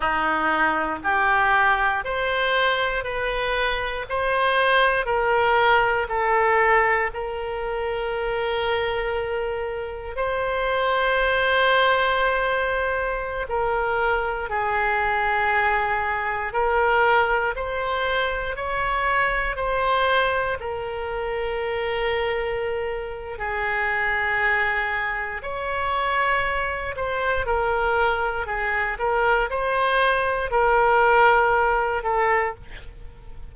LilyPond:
\new Staff \with { instrumentName = "oboe" } { \time 4/4 \tempo 4 = 59 dis'4 g'4 c''4 b'4 | c''4 ais'4 a'4 ais'4~ | ais'2 c''2~ | c''4~ c''16 ais'4 gis'4.~ gis'16~ |
gis'16 ais'4 c''4 cis''4 c''8.~ | c''16 ais'2~ ais'8. gis'4~ | gis'4 cis''4. c''8 ais'4 | gis'8 ais'8 c''4 ais'4. a'8 | }